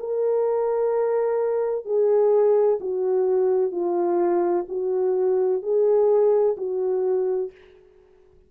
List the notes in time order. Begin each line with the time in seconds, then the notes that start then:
0.00 A#4
1.85 G#4
2.80 F#4
3.72 F4
4.69 F#4
5.62 G#4
6.58 F#4